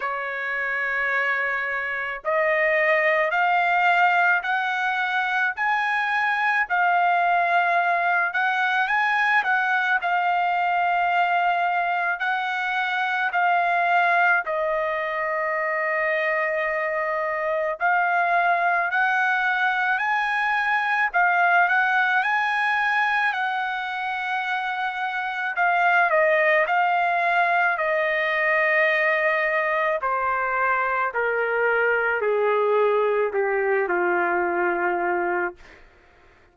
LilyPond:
\new Staff \with { instrumentName = "trumpet" } { \time 4/4 \tempo 4 = 54 cis''2 dis''4 f''4 | fis''4 gis''4 f''4. fis''8 | gis''8 fis''8 f''2 fis''4 | f''4 dis''2. |
f''4 fis''4 gis''4 f''8 fis''8 | gis''4 fis''2 f''8 dis''8 | f''4 dis''2 c''4 | ais'4 gis'4 g'8 f'4. | }